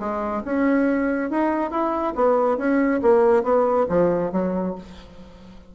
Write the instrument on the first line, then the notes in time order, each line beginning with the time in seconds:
bassoon
0.00 G#3
0.46 C#4
1.31 D#4
1.71 E4
2.16 B3
2.58 C#4
3.03 A#3
3.44 B3
3.89 F3
4.32 F#3